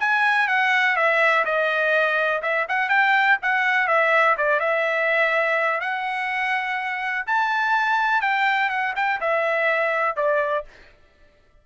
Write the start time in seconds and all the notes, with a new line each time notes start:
0.00 G#5
0.48 F#5
0.96 E5
1.45 D#5
2.42 E5
2.69 F#5
2.89 G5
3.42 F#5
3.88 E5
4.37 D5
4.60 E5
5.80 F#5
7.26 A5
8.22 G5
8.69 F#5
8.96 G5
9.20 E5
10.16 D5